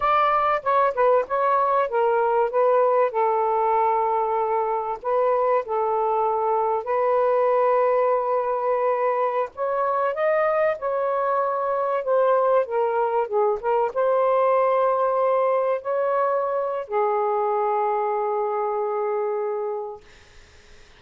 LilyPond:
\new Staff \with { instrumentName = "saxophone" } { \time 4/4 \tempo 4 = 96 d''4 cis''8 b'8 cis''4 ais'4 | b'4 a'2. | b'4 a'2 b'4~ | b'2.~ b'16 cis''8.~ |
cis''16 dis''4 cis''2 c''8.~ | c''16 ais'4 gis'8 ais'8 c''4.~ c''16~ | c''4~ c''16 cis''4.~ cis''16 gis'4~ | gis'1 | }